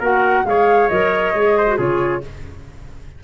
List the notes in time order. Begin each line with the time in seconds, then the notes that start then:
0.00 A#3 F#4 A#4 F#5
0.45 G#3 G#4 C#5 F5
0.89 F#3 A#4 D#5
1.34 G#3 G#4
1.58 C5
1.67 F#4
1.77 C#3 F4 G#4 C#5